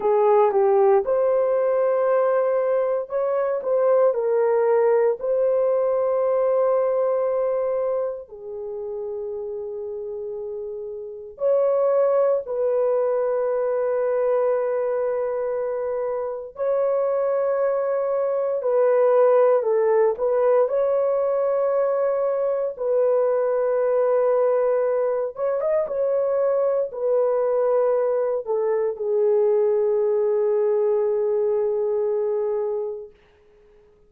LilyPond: \new Staff \with { instrumentName = "horn" } { \time 4/4 \tempo 4 = 58 gis'8 g'8 c''2 cis''8 c''8 | ais'4 c''2. | gis'2. cis''4 | b'1 |
cis''2 b'4 a'8 b'8 | cis''2 b'2~ | b'8 cis''16 dis''16 cis''4 b'4. a'8 | gis'1 | }